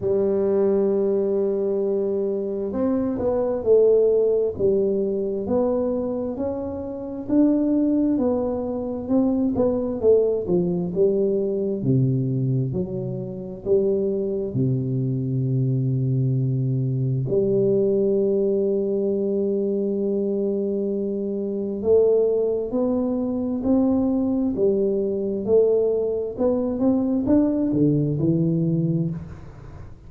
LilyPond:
\new Staff \with { instrumentName = "tuba" } { \time 4/4 \tempo 4 = 66 g2. c'8 b8 | a4 g4 b4 cis'4 | d'4 b4 c'8 b8 a8 f8 | g4 c4 fis4 g4 |
c2. g4~ | g1 | a4 b4 c'4 g4 | a4 b8 c'8 d'8 d8 e4 | }